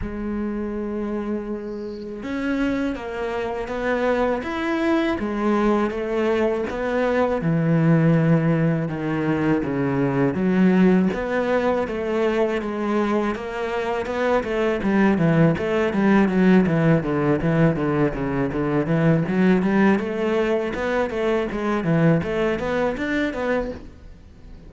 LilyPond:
\new Staff \with { instrumentName = "cello" } { \time 4/4 \tempo 4 = 81 gis2. cis'4 | ais4 b4 e'4 gis4 | a4 b4 e2 | dis4 cis4 fis4 b4 |
a4 gis4 ais4 b8 a8 | g8 e8 a8 g8 fis8 e8 d8 e8 | d8 cis8 d8 e8 fis8 g8 a4 | b8 a8 gis8 e8 a8 b8 d'8 b8 | }